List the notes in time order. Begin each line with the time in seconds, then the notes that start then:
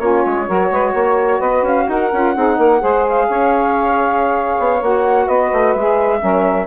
0.00 A#3 C#4 F4 C#5
0.26 G#3
0.47 F#3 F#4 A#4
0.71 G#3 B4
0.92 A#3 C#5
1.39 B3 B4 D#5
1.63 C#4 F5
1.88 D#4 A#4 F#5
2.13 C#4 F4
2.35 C4 D#4 G#4
2.57 A#3 A#4
2.80 G#3 G#4 C5
3.09 F5
3.29 C#4 C#5
4.59 B3
4.82 A#3 F#4 F#5
5.26 B3 B4 D#5
5.53 A3
5.73 G#3 G#4 E5
6.19 F#3 C#4 A#4